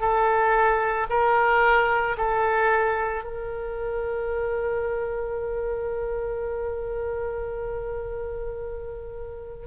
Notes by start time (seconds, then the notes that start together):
0.00 A4
1.10 A#4
2.17 A4
3.24 A#4